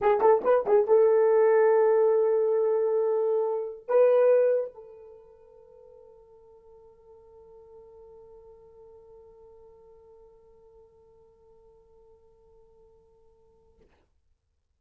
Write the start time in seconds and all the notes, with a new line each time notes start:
0.01 G#4
0.20 A4
0.43 B4
0.66 G#4
0.87 A4
3.88 B4
4.74 A4